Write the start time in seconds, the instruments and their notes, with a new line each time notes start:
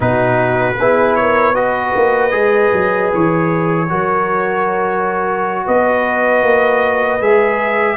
0.00 tuba B2, trombone D#4, horn F#4, trumpet B4
0.77 tuba B3, trombone E4, horn G#4
1.15 horn A#4, trumpet C#5
1.54 trombone F#4, horn B4, trumpet D#5
1.95 tuba A#3
2.31 tuba G#3, trombone G#4
2.72 tuba F#3
3.14 tuba E3, trumpet C#5
3.89 tuba F#3, trombone F#4, horn A#4
5.65 tuba B3, horn B4, trumpet D#5
6.43 tuba A#3
7.20 tuba G#3, trombone G#4, trumpet E5